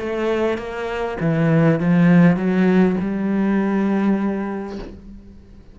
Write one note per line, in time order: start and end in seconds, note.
0.00 0.58 A3
0.58 1.18 A#3
1.21 1.80 E3
1.80 2.37 F3
2.37 2.96 F#3
3.01 4.79 G3